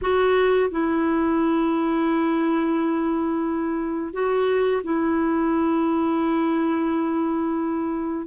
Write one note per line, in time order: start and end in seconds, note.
0.01 0.70 F#4
0.71 4.13 E4
4.13 4.82 F#4
4.83 8.26 E4